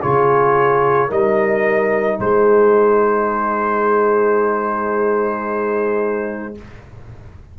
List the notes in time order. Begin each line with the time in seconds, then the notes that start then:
0.00 C#3 F4 G#4 C#5
1.07 G3 D#4 A#4 D#5
2.20 G#3 G#4 C5